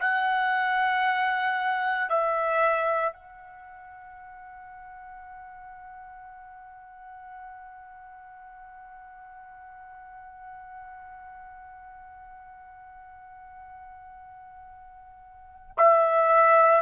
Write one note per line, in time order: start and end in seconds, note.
0.00 2.10 F#5
2.10 3.13 E5
3.13 15.76 F#5
15.78 16.82 E5